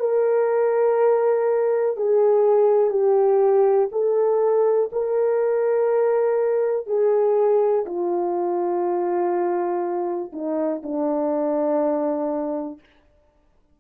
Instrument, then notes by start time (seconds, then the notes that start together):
horn
0.00 A#4
1.97 G#4
2.91 G4
3.92 A4
4.93 A#4
6.87 G#4
7.86 F4
10.33 D#4
10.83 D4